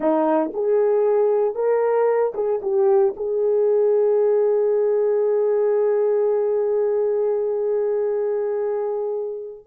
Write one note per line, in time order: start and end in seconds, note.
0.00 0.51 D#4
0.53 1.54 G#4
1.54 2.32 A#4
2.34 2.60 G#4
2.62 3.14 G4
3.16 9.66 G#4